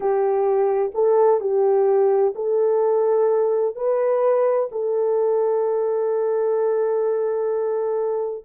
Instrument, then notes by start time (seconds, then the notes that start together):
horn
0.00 G4
0.94 A4
1.40 G4
2.35 A4
3.75 B4
4.71 A4